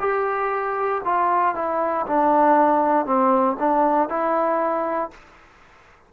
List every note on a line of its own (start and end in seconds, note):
0.00 1.02 G4
1.05 1.55 F4
1.55 2.06 E4
2.07 3.06 D4
3.06 3.57 C4
3.60 4.09 D4
4.09 5.11 E4